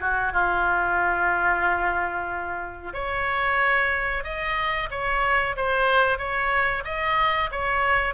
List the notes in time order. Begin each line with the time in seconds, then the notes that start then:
0.00 F#4
0.32 F4
2.93 C#5
4.24 D#5
4.90 C#5
5.56 C5
6.18 C#5
6.84 D#5
7.51 C#5